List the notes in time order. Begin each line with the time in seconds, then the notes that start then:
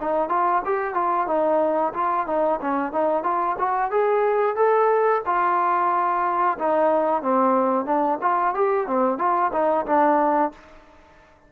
0.00 D#4
0.29 F4
0.65 G4
0.94 F4
1.27 D#4
1.93 F4
2.27 D#4
2.61 C#4
2.92 D#4
3.23 F4
3.58 F#4
3.91 G#4
4.56 A4
5.25 F4
6.58 D#4
7.22 C4
7.85 D4
8.21 F4
8.54 G4
8.87 C4
9.18 F4
9.52 D#4
9.86 D4